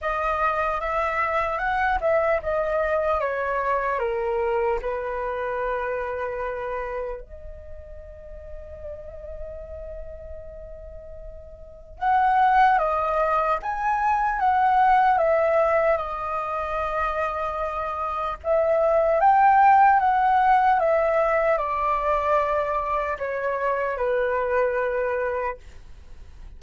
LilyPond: \new Staff \with { instrumentName = "flute" } { \time 4/4 \tempo 4 = 75 dis''4 e''4 fis''8 e''8 dis''4 | cis''4 ais'4 b'2~ | b'4 dis''2.~ | dis''2. fis''4 |
dis''4 gis''4 fis''4 e''4 | dis''2. e''4 | g''4 fis''4 e''4 d''4~ | d''4 cis''4 b'2 | }